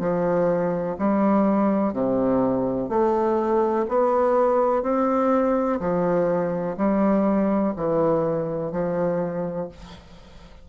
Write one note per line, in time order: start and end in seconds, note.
0.00 0.97 F3
0.99 1.94 G3
1.94 2.89 C3
2.89 3.86 A3
3.89 4.83 B3
4.83 5.80 C4
5.80 6.77 F3
6.77 7.74 G3
7.76 8.72 E3
8.72 9.69 F3